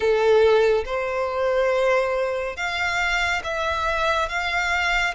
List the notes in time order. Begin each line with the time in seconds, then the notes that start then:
0.00 A4
0.85 C5
2.56 F5
3.43 E5
4.29 F5